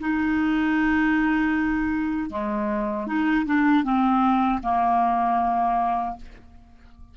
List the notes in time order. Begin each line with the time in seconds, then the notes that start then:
0.00 D#4
2.30 G#3
3.07 D#4
3.46 D4
3.84 C4
4.63 A#3